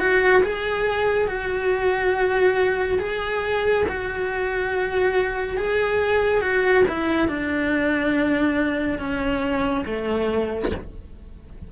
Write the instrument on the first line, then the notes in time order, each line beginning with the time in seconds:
cello
0.00 F#4
0.43 G#4
1.28 F#4
2.99 G#4
3.88 F#4
5.58 G#4
6.41 F#4
6.88 E4
7.28 D4
8.99 C#4
9.86 A3